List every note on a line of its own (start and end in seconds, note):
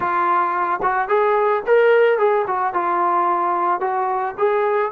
0.00 0.80 F4
0.82 1.08 F#4
1.08 1.62 G#4
1.66 2.18 A#4
2.18 2.45 G#4
2.47 2.73 F#4
2.73 3.80 F4
3.80 4.34 F#4
4.38 4.91 G#4